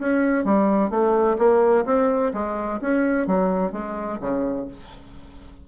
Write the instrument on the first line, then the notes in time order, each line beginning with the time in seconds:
bassoon
0.00 C#4
0.45 G3
0.91 A3
1.39 A#3
1.86 C4
2.34 G#3
2.82 C#4
3.28 F#3
3.73 G#3
4.21 C#3